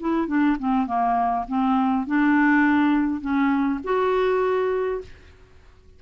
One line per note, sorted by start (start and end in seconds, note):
0.00 0.28 E4
0.28 0.57 D4
0.59 0.87 C4
0.87 1.45 A#3
1.48 2.07 C4
2.07 3.21 D4
3.21 3.80 C#4
3.84 5.02 F#4